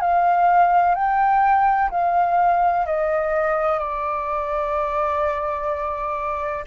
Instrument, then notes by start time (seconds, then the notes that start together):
flute
0.00 F5
0.95 G5
1.90 F5
2.86 D#5
3.78 D5